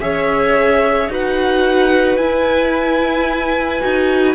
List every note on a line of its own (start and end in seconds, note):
0.00 1.08 C#4
0.00 1.10 G#4
0.00 1.11 C#5
0.00 1.09 E5
1.08 2.17 D#4
1.08 2.19 F#4
1.08 4.35 B4
1.08 2.17 F#5
2.17 3.80 E4
2.17 3.81 E4
2.17 4.35 G#5
3.81 4.35 D#4
3.81 4.35 F#4